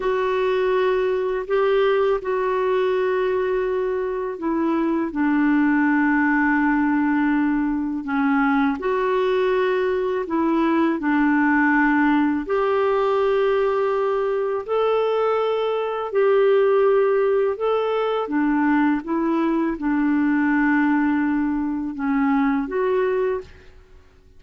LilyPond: \new Staff \with { instrumentName = "clarinet" } { \time 4/4 \tempo 4 = 82 fis'2 g'4 fis'4~ | fis'2 e'4 d'4~ | d'2. cis'4 | fis'2 e'4 d'4~ |
d'4 g'2. | a'2 g'2 | a'4 d'4 e'4 d'4~ | d'2 cis'4 fis'4 | }